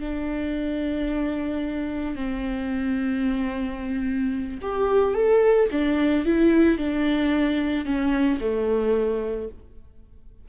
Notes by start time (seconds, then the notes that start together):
0.00 D4
2.16 C4
4.62 G4
5.14 A4
5.71 D4
6.25 E4
6.78 D4
7.85 C#4
8.41 A3